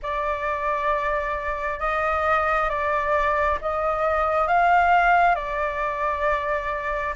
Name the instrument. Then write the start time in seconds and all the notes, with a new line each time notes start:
flute
0.02 D5
1.79 D#5
2.69 D5
3.61 D#5
4.47 F5
5.35 D5